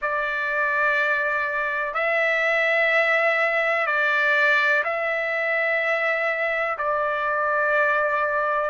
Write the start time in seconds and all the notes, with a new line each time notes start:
0.01 D5
1.94 E5
3.86 D5
4.83 E5
6.77 D5